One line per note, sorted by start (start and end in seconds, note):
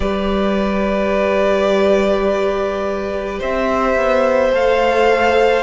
0.00 3.39 G3
0.00 4.52 G4
0.00 3.39 B4
0.00 3.39 D5
3.39 3.96 C4
3.39 5.63 C5
3.39 4.54 E5
3.96 4.52 B3
4.52 5.63 A3
4.52 5.63 A4
4.52 5.63 F5